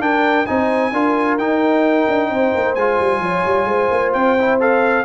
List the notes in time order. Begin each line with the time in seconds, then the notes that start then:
0.00 D4 A#4 G5
0.46 C4 D#4 C5 G#5
0.92 D4 F4 A#4
1.37 D#4 G5
2.07 D4
2.29 C4 C5
2.55 A#3
2.74 G#3 F4 G#5
2.99 G3
3.19 F3 C#5
3.45 G3
3.64 G#3 C5
3.90 A#3
4.12 C4 G5
4.38 E4
4.59 A4 F5